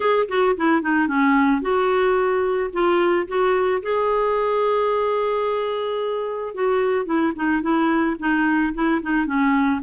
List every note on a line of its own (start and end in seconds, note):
0.00 0.27 G#4
0.28 0.56 F#4
0.56 0.82 E4
0.82 1.07 D#4
1.07 1.61 C#4
1.61 2.70 F#4
2.72 3.27 F4
3.27 3.82 F#4
3.82 6.54 G#4
6.54 7.05 F#4
7.05 7.32 E4
7.35 7.61 D#4
7.61 8.16 E4
8.19 8.73 D#4
8.73 9.01 E4
9.02 9.26 D#4
9.26 9.80 C#4